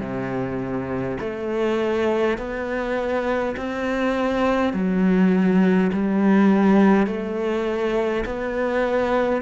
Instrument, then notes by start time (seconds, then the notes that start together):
cello
0.00 C3
1.20 A3
2.38 B3
3.57 C4
4.73 F#3
5.93 G3
7.07 A3
8.26 B3